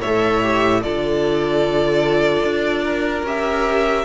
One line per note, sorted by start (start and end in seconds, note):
0.00 0.85 A2
0.00 0.42 A4
0.00 0.81 C#5
0.00 0.82 E5
0.42 0.82 G4
0.82 2.43 D3
0.82 3.26 F4
0.82 2.84 A4
0.82 3.26 D5
2.43 3.23 D4
2.84 4.05 A#4
3.23 4.04 C#4
3.23 4.05 G4
3.23 4.05 E5